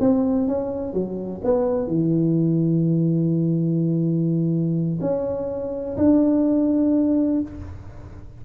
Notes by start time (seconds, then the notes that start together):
0.00 C4
0.48 C#4
0.93 F#3
1.44 B3
1.87 E3
5.01 C#4
5.97 D4